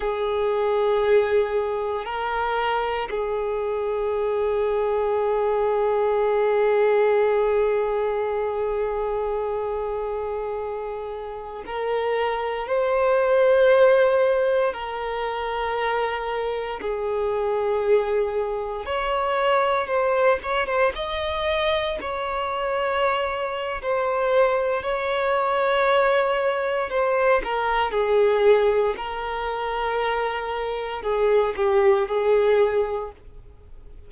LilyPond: \new Staff \with { instrumentName = "violin" } { \time 4/4 \tempo 4 = 58 gis'2 ais'4 gis'4~ | gis'1~ | gis'2.~ gis'16 ais'8.~ | ais'16 c''2 ais'4.~ ais'16~ |
ais'16 gis'2 cis''4 c''8 cis''16 | c''16 dis''4 cis''4.~ cis''16 c''4 | cis''2 c''8 ais'8 gis'4 | ais'2 gis'8 g'8 gis'4 | }